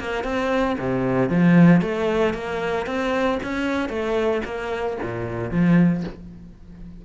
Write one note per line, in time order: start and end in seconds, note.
0.00 0.24 A#3
0.24 0.77 C4
0.79 1.30 C3
1.30 1.82 F3
1.82 2.34 A3
2.34 2.87 A#3
2.87 3.39 C4
3.44 3.89 C#4
3.89 4.42 A3
4.45 4.98 A#3
5.03 5.51 A#2
5.51 6.04 F3